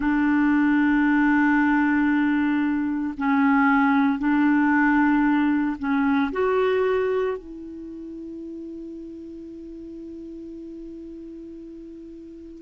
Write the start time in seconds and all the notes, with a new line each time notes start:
0.00 D4
3.17 C#4
4.18 D4
5.78 C#4
6.32 F#4
7.37 E4